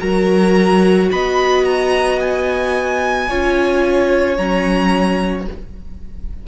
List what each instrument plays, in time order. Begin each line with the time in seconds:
0.00 cello F#3, viola F#4, violin A#4 A#5
1.12 cello B3, violin D#5 B5
1.65 violin A#5
2.20 violin G#5
3.29 cello C#4, viola F4, violin C#5
4.37 cello F#3, viola C#4, violin A#5